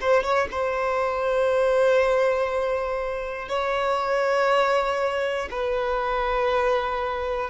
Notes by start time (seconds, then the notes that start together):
0.00 C5
0.23 C#5
0.50 C5
3.48 C#5
5.50 B4